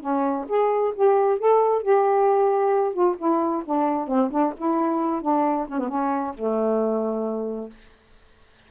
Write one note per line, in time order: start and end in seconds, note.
0.00 0.45 C#4
0.48 0.93 G#4
0.95 1.38 G4
1.38 1.82 A4
1.82 2.93 G4
2.93 3.15 F4
3.18 3.63 E4
3.65 4.07 D4
4.07 4.30 C4
4.30 4.53 D4
4.57 5.21 E4
5.21 5.66 D4
5.68 5.79 C#4
5.79 5.89 B3
5.89 6.34 C#4
6.34 7.69 A3